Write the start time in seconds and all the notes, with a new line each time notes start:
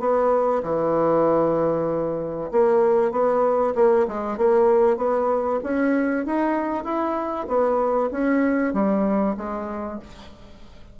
0.00 B3
0.63 E3
2.52 A#3
3.12 B3
3.75 A#3
4.08 G#3
4.38 A#3
4.97 B3
5.64 C#4
6.26 D#4
6.84 E4
7.48 B3
8.12 C#4
8.74 G3
9.37 G#3